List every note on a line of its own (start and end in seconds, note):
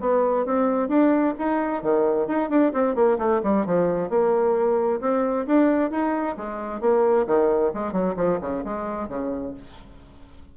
0.00 0.45 B3
0.45 0.88 C4
0.88 1.34 D4
1.38 1.82 D#4
1.82 2.27 D#3
2.27 2.50 D#4
2.50 2.72 D4
2.73 2.95 C4
2.95 3.18 A#3
3.18 3.41 A3
3.43 3.66 G3
3.66 4.09 F3
4.09 5.00 A#3
5.00 5.46 C4
5.46 5.91 D4
5.91 6.36 D#4
6.37 6.81 G#3
6.81 7.26 A#3
7.26 7.72 D#3
7.74 7.92 G#3
7.92 8.15 F#3
8.16 8.39 F3
8.41 8.63 C#3
8.64 9.08 G#3
9.08 9.54 C#3